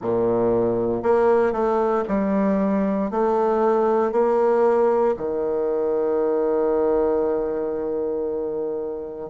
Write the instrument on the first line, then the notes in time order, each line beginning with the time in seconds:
bassoon
0.01 A#2
1.03 A#3
1.52 A3
2.08 G3
3.10 A3
4.11 A#3
5.16 D#3